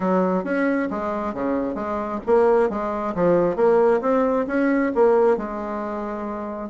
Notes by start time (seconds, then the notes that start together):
0.00 F#3
0.44 C#4
0.90 G#3
1.34 C#3
1.74 G#3
2.26 A#3
2.69 G#3
3.14 F3
3.56 A#3
4.01 C4
4.47 C#4
4.94 A#3
5.37 G#3